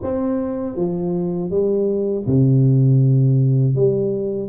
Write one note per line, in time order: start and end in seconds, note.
0.02 0.76 C4
0.76 1.50 F3
1.50 2.25 G3
2.26 3.75 C3
3.75 4.48 G3